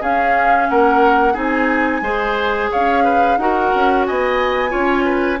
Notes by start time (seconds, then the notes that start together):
0.00 C#4 G#4 F5
0.69 A#3 A#4 F#5
1.33 C4 D#4 G#4 G#5
2.01 G#3 G#4 C5
2.71 C#4 C#5 F5
3.04 B4
3.37 D#4 F#4 A#4 F#5
3.74 C#4
4.06 B3 D#5 G#5
4.69 C#4 F4 C#5
5.04 B4